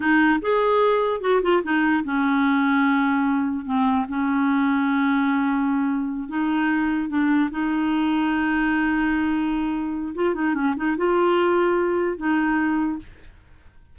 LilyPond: \new Staff \with { instrumentName = "clarinet" } { \time 4/4 \tempo 4 = 148 dis'4 gis'2 fis'8 f'8 | dis'4 cis'2.~ | cis'4 c'4 cis'2~ | cis'2.~ cis'8 dis'8~ |
dis'4. d'4 dis'4.~ | dis'1~ | dis'4 f'8 dis'8 cis'8 dis'8 f'4~ | f'2 dis'2 | }